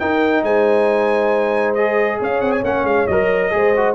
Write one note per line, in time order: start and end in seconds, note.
0.00 0.43 D#4
0.00 1.77 D#4
0.00 0.44 A#4
0.00 0.44 G5
0.43 2.20 G#3
0.43 2.20 C5
0.43 1.75 G#5
1.75 2.64 G#4
1.75 2.19 D#5
2.20 2.41 C#4
2.20 3.53 C#5
2.20 2.41 F5
2.41 2.63 C4
2.41 2.52 F#5
2.52 2.63 G#5
2.64 2.84 A#3
2.64 3.08 C#4
2.64 2.87 F#5
2.84 3.06 G#3
2.84 3.08 F5
3.08 3.53 F#3
3.08 3.51 A#4
3.08 3.95 D#5
3.51 3.95 G#3
3.51 3.73 G#4
3.51 3.95 C5
3.77 3.95 F#4